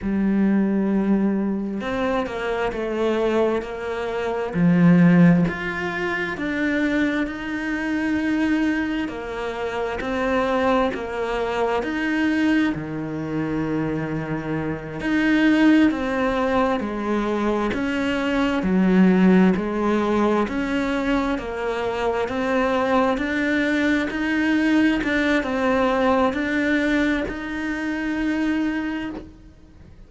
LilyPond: \new Staff \with { instrumentName = "cello" } { \time 4/4 \tempo 4 = 66 g2 c'8 ais8 a4 | ais4 f4 f'4 d'4 | dis'2 ais4 c'4 | ais4 dis'4 dis2~ |
dis8 dis'4 c'4 gis4 cis'8~ | cis'8 fis4 gis4 cis'4 ais8~ | ais8 c'4 d'4 dis'4 d'8 | c'4 d'4 dis'2 | }